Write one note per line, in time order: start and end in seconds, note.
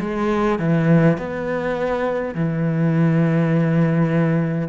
0.00 0.59 G#3
0.59 1.18 E3
1.18 2.35 B3
2.35 4.68 E3